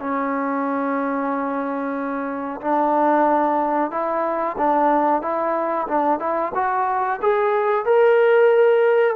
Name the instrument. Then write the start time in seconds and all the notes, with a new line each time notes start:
trombone
0.00 C#4
2.61 D4
3.91 E4
4.58 D4
5.22 E4
5.88 D4
6.20 E4
6.55 F#4
7.22 G#4
7.86 A#4